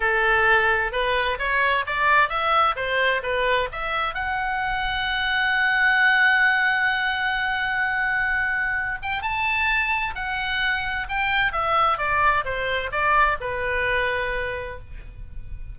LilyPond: \new Staff \with { instrumentName = "oboe" } { \time 4/4 \tempo 4 = 130 a'2 b'4 cis''4 | d''4 e''4 c''4 b'4 | e''4 fis''2.~ | fis''1~ |
fis''2.~ fis''8 g''8 | a''2 fis''2 | g''4 e''4 d''4 c''4 | d''4 b'2. | }